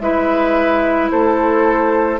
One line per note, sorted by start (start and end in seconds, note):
0.00 1.09 G#3
0.00 2.19 E4
0.00 1.11 B4
0.00 1.09 E5
1.11 2.19 A3
1.11 2.19 A4
1.11 2.19 C5